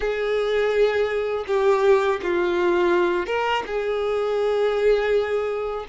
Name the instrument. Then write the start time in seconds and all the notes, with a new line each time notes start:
violin
0.00 G#4
1.47 G4
2.22 F4
3.26 A#4
3.66 G#4